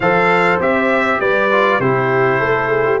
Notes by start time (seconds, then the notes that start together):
0.00 F3 A4 C5 F5
0.59 C4 G4 E5
1.20 G3 B4 D5
1.51 F4
1.79 C3 E4 G4 C5
2.39 A3 A4
2.69 G#4
2.85 G4